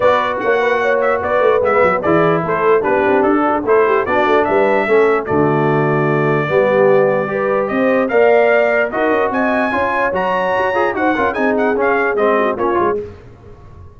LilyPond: <<
  \new Staff \with { instrumentName = "trumpet" } { \time 4/4 \tempo 4 = 148 d''4 fis''4. e''8 d''4 | e''4 d''4 c''4 b'4 | a'4 c''4 d''4 e''4~ | e''4 d''2.~ |
d''2. dis''4 | f''2 dis''4 gis''4~ | gis''4 ais''2 fis''4 | gis''8 fis''8 f''4 dis''4 cis''4 | }
  \new Staff \with { instrumentName = "horn" } { \time 4/4 b'4 cis''8 b'8 cis''4 b'4~ | b'4 gis'4 a'4 g'4~ | g'8 fis'16 gis'16 a'8 g'8 fis'4 b'4 | a'4 fis'2. |
g'2 b'4 c''4 | d''2 ais'4 dis''4 | cis''2. c''8 ais'8 | gis'2~ gis'8 fis'8 f'4 | }
  \new Staff \with { instrumentName = "trombone" } { \time 4/4 fis'1 | b4 e'2 d'4~ | d'4 e'4 d'2 | cis'4 a2. |
b2 g'2 | ais'2 fis'2 | f'4 fis'4. gis'8 fis'8 f'8 | dis'4 cis'4 c'4 cis'8 f'8 | }
  \new Staff \with { instrumentName = "tuba" } { \time 4/4 b4 ais2 b8 a8 | gis8 fis8 e4 a4 b8 c'8 | d'4 a4 b8 a8 g4 | a4 d2. |
g2. c'4 | ais2 dis'8 cis'8 c'4 | cis'4 fis4 fis'8 f'8 dis'8 cis'8 | c'4 cis'4 gis4 ais8 gis8 | }
>>